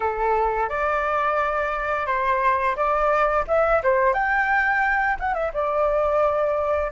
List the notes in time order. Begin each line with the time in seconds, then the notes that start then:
0.00 A4
0.69 D5
2.06 C5
2.76 D5
3.47 E5
3.83 C5
4.13 G5
5.19 F#5
5.34 E5
5.53 D5